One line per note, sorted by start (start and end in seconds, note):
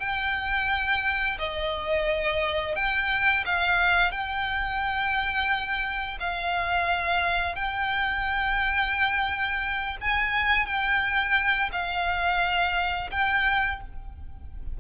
0.00 1.38 G5
1.39 2.76 D#5
2.76 3.45 G5
3.46 4.12 F5
4.12 6.18 G5
6.20 7.56 F5
7.56 9.97 G5
10.02 10.66 G#5
10.66 11.70 G5
11.72 13.10 F5
13.12 13.81 G5